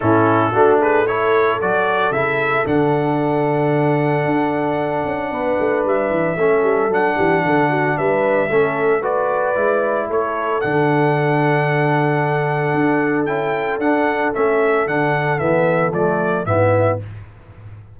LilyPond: <<
  \new Staff \with { instrumentName = "trumpet" } { \time 4/4 \tempo 4 = 113 a'4. b'8 cis''4 d''4 | e''4 fis''2.~ | fis''2. e''4~ | e''4 fis''2 e''4~ |
e''4 d''2 cis''4 | fis''1~ | fis''4 g''4 fis''4 e''4 | fis''4 e''4 d''4 e''4 | }
  \new Staff \with { instrumentName = "horn" } { \time 4/4 e'4 fis'8 gis'8 a'2~ | a'1~ | a'2 b'2 | a'4. g'8 a'8 fis'8 b'4 |
a'4 b'2 a'4~ | a'1~ | a'1~ | a'2. e'4 | }
  \new Staff \with { instrumentName = "trombone" } { \time 4/4 cis'4 d'4 e'4 fis'4 | e'4 d'2.~ | d'1 | cis'4 d'2. |
cis'4 fis'4 e'2 | d'1~ | d'4 e'4 d'4 cis'4 | d'4 b4 a4 b4 | }
  \new Staff \with { instrumentName = "tuba" } { \time 4/4 a,4 a2 fis4 | cis4 d2. | d'4. cis'8 b8 a8 g8 e8 | a8 g8 fis8 e8 d4 g4 |
a2 gis4 a4 | d1 | d'4 cis'4 d'4 a4 | d4 e4 f4 gis,4 | }
>>